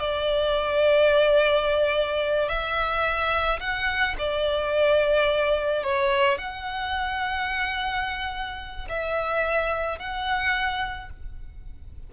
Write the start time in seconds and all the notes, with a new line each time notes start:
0.00 D5
2.49 E5
3.60 F#5
4.19 D5
5.84 C#5
6.38 F#5
8.89 E5
9.99 F#5